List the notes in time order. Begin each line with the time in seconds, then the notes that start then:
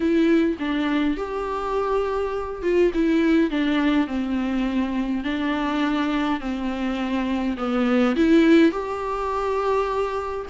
0.00 E4
0.59 D4
1.17 G4
2.62 F4
2.94 E4
3.50 D4
4.07 C4
5.24 D4
6.40 C4
7.57 B3
8.16 E4
8.71 G4